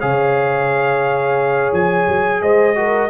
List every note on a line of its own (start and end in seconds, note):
0.00 1.73 C#3
0.00 2.76 G#4
0.00 2.41 C#5
0.00 1.73 F5
1.73 2.07 F3
1.73 2.43 G#5
2.08 2.43 F#3
2.43 3.10 G#3
2.43 2.77 C5
2.43 3.10 D#5
2.76 3.10 F#4
2.76 3.10 A#4